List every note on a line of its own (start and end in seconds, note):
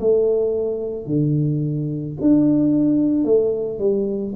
0.00 1.06 A3
1.06 2.15 D3
2.21 3.24 D4
3.24 3.79 A3
3.79 4.33 G3